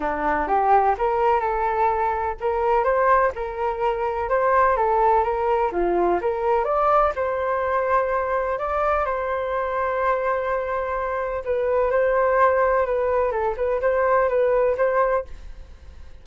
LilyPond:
\new Staff \with { instrumentName = "flute" } { \time 4/4 \tempo 4 = 126 d'4 g'4 ais'4 a'4~ | a'4 ais'4 c''4 ais'4~ | ais'4 c''4 a'4 ais'4 | f'4 ais'4 d''4 c''4~ |
c''2 d''4 c''4~ | c''1 | b'4 c''2 b'4 | a'8 b'8 c''4 b'4 c''4 | }